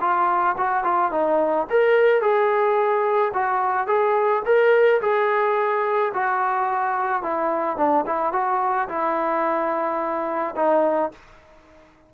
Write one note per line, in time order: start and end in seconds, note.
0.00 0.56 F4
0.57 0.83 F#4
0.83 1.11 F4
1.11 1.66 D#4
1.70 2.21 A#4
2.21 3.32 G#4
3.33 3.87 F#4
3.87 4.42 G#4
4.45 5.01 A#4
5.01 6.12 G#4
6.13 7.22 F#4
7.22 7.77 E4
7.77 8.05 D4
8.06 8.32 E4
8.32 8.88 F#4
8.88 10.55 E4
10.56 11.11 D#4